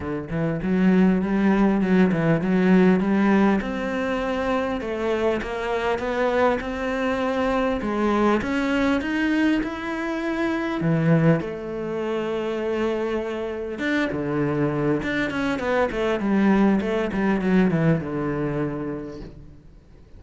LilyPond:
\new Staff \with { instrumentName = "cello" } { \time 4/4 \tempo 4 = 100 d8 e8 fis4 g4 fis8 e8 | fis4 g4 c'2 | a4 ais4 b4 c'4~ | c'4 gis4 cis'4 dis'4 |
e'2 e4 a4~ | a2. d'8 d8~ | d4 d'8 cis'8 b8 a8 g4 | a8 g8 fis8 e8 d2 | }